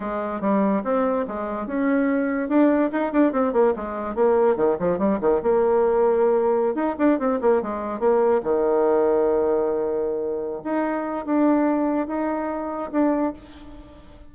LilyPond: \new Staff \with { instrumentName = "bassoon" } { \time 4/4 \tempo 4 = 144 gis4 g4 c'4 gis4 | cis'2 d'4 dis'8 d'8 | c'8 ais8 gis4 ais4 dis8 f8 | g8 dis8 ais2.~ |
ais16 dis'8 d'8 c'8 ais8 gis4 ais8.~ | ais16 dis2.~ dis8.~ | dis4. dis'4. d'4~ | d'4 dis'2 d'4 | }